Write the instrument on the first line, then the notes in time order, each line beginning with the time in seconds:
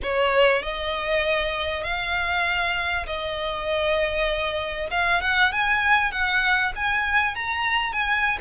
violin
0.03 C#5
0.62 D#5
1.83 F5
3.06 D#5
4.90 F5
5.21 F#5
5.52 G#5
6.11 F#5
6.75 G#5
7.35 A#5
7.92 G#5